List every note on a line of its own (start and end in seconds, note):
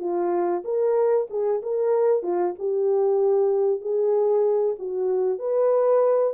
0.00 0.63 F4
0.65 1.28 A#4
1.30 1.62 G#4
1.63 2.23 A#4
2.23 2.55 F4
2.59 3.81 G4
3.81 4.76 G#4
4.79 5.39 F#4
5.39 6.34 B4